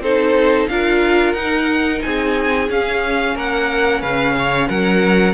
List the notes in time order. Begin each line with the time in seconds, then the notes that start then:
0.00 C4 D#4 A4 C5
0.68 D4 F4 A#4 F5
1.33 D#4 F#5
2.02 C4 G#4 G#5
2.69 C#4 F5
3.34 A#3 A#4 F#5
4.01 C#3 B4 F5
4.38 C#5
4.68 F#3 A#4 F#5